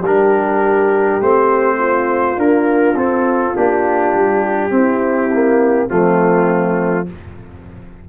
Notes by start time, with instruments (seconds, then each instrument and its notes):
0.00 tuba G3, horn G4, trumpet A#4
0.06 trombone D4
1.21 tuba A3, trombone C4, trumpet C5
1.79 horn F4
2.36 trombone A#3, tuba D4, trumpet A#4
2.96 tuba C4, trombone C4, trumpet A4
3.55 tuba A#3, trombone D4, trumpet G4
4.15 tuba G3
4.71 trombone C4, tuba C4, horn E4
5.34 trombone A#3
5.88 tuba F3, trombone A3, horn C4, trumpet F4